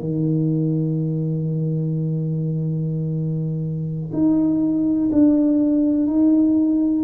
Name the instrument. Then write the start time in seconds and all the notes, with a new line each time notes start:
tuba
0.00 D#3
4.13 D#4
5.12 D4
6.07 D#4